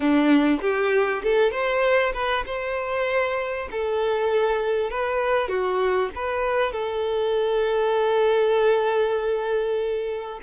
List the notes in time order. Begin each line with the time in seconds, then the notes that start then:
0.00 D4
0.61 G4
1.23 A4
1.51 C5
2.13 B4
2.46 C5
3.71 A4
4.90 B4
5.48 F#4
6.15 B4
6.72 A4